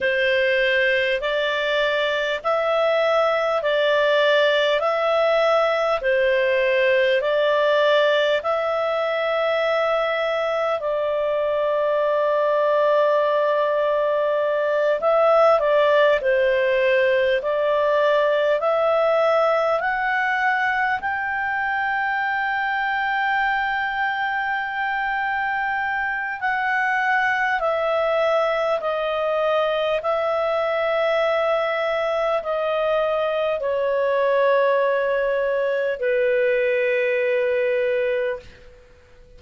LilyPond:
\new Staff \with { instrumentName = "clarinet" } { \time 4/4 \tempo 4 = 50 c''4 d''4 e''4 d''4 | e''4 c''4 d''4 e''4~ | e''4 d''2.~ | d''8 e''8 d''8 c''4 d''4 e''8~ |
e''8 fis''4 g''2~ g''8~ | g''2 fis''4 e''4 | dis''4 e''2 dis''4 | cis''2 b'2 | }